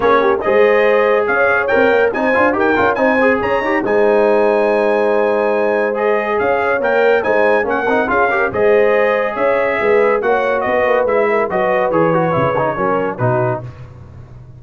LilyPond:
<<
  \new Staff \with { instrumentName = "trumpet" } { \time 4/4 \tempo 4 = 141 cis''4 dis''2 f''4 | g''4 gis''4 g''4 gis''4 | ais''4 gis''2.~ | gis''2 dis''4 f''4 |
g''4 gis''4 fis''4 f''4 | dis''2 e''2 | fis''4 dis''4 e''4 dis''4 | cis''2. b'4 | }
  \new Staff \with { instrumentName = "horn" } { \time 4/4 gis'8 g'8 c''2 cis''4~ | cis''4 c''4 ais'4 c''4 | cis''4 c''2.~ | c''2. cis''4~ |
cis''4 c''4 ais'4 gis'8 ais'8 | c''2 cis''4 b'4 | cis''4 b'4. ais'8 b'4~ | b'2 ais'4 fis'4 | }
  \new Staff \with { instrumentName = "trombone" } { \time 4/4 cis'4 gis'2. | ais'4 dis'8 f'8 g'8 f'8 dis'8 gis'8~ | gis'8 g'8 dis'2.~ | dis'2 gis'2 |
ais'4 dis'4 cis'8 dis'8 f'8 g'8 | gis'1 | fis'2 e'4 fis'4 | gis'8 fis'8 e'8 dis'8 cis'4 dis'4 | }
  \new Staff \with { instrumentName = "tuba" } { \time 4/4 ais4 gis2 cis'4 | c'8 ais8 c'8 d'8 dis'8 cis'8 c'4 | cis'8 dis'8 gis2.~ | gis2. cis'4 |
ais4 gis4 ais8 c'8 cis'4 | gis2 cis'4 gis4 | ais4 b8 ais8 gis4 fis4 | e4 cis4 fis4 b,4 | }
>>